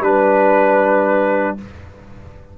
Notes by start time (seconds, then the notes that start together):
0.00 G3 D4 B4